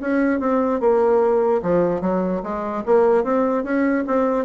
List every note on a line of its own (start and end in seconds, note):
0.00 0.39 C#4
0.39 0.80 C4
0.80 1.61 A#3
1.62 2.01 F3
2.01 2.41 F#3
2.43 2.83 G#3
2.85 3.24 A#3
3.24 3.63 C4
3.63 4.04 C#4
4.07 4.45 C4